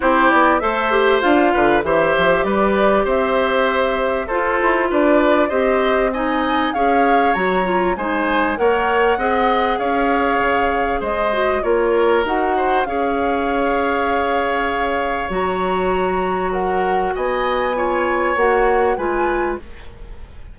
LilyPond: <<
  \new Staff \with { instrumentName = "flute" } { \time 4/4 \tempo 4 = 98 c''8 d''8 e''4 f''4 e''4 | d''4 e''2 c''4 | d''4 dis''4 gis''4 f''4 | ais''4 gis''4 fis''2 |
f''2 dis''4 cis''4 | fis''4 f''2.~ | f''4 ais''2 fis''4 | gis''2 fis''4 gis''4 | }
  \new Staff \with { instrumentName = "oboe" } { \time 4/4 g'4 c''4. b'8 c''4 | b'4 c''2 a'4 | b'4 c''4 dis''4 cis''4~ | cis''4 c''4 cis''4 dis''4 |
cis''2 c''4 ais'4~ | ais'8 c''8 cis''2.~ | cis''2. ais'4 | dis''4 cis''2 b'4 | }
  \new Staff \with { instrumentName = "clarinet" } { \time 4/4 e'4 a'8 g'8 f'4 g'4~ | g'2. f'4~ | f'4 g'4 dis'4 gis'4 | fis'8 f'8 dis'4 ais'4 gis'4~ |
gis'2~ gis'8 fis'8 f'4 | fis'4 gis'2.~ | gis'4 fis'2.~ | fis'4 f'4 fis'4 f'4 | }
  \new Staff \with { instrumentName = "bassoon" } { \time 4/4 c'8 b8 a4 d'8 d8 e8 f8 | g4 c'2 f'8 e'8 | d'4 c'2 cis'4 | fis4 gis4 ais4 c'4 |
cis'4 cis4 gis4 ais4 | dis'4 cis'2.~ | cis'4 fis2. | b2 ais4 gis4 | }
>>